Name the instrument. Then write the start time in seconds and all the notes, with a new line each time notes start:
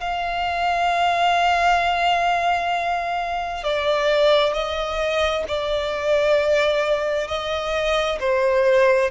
violin
0.00 F5
3.63 D5
4.53 D#5
5.48 D5
7.27 D#5
8.19 C5